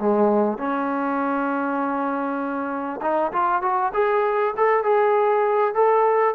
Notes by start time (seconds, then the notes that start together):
0.00 G#3
0.58 C#4
3.02 D#4
3.33 F4
3.63 F#4
3.94 G#4
4.57 A4
4.84 G#4
5.75 A4